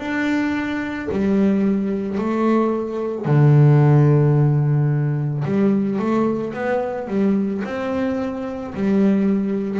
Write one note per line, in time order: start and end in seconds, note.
0.00 1.09 D4
1.12 2.18 G3
2.18 3.26 A3
3.26 5.44 D3
5.45 6.00 G3
6.00 6.54 A3
6.54 7.08 B3
7.08 7.63 G3
7.65 8.74 C4
8.74 9.80 G3